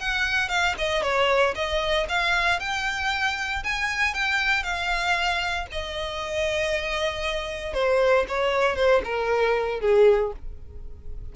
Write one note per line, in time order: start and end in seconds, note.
0.00 0.49 F#5
0.49 0.75 F5
0.78 1.03 D#5
1.03 1.54 C#5
1.55 2.07 D#5
2.09 2.60 F5
2.60 3.63 G5
3.64 4.14 G#5
4.14 4.63 G5
4.63 5.67 F5
5.72 7.74 D#5
7.74 8.25 C5
8.28 8.76 C#5
8.76 9.02 C5
9.04 9.80 A#4
9.80 10.32 G#4